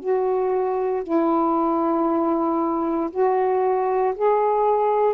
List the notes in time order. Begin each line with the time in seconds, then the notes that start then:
0.00 F#4
1.03 E4
3.11 F#4
4.16 G#4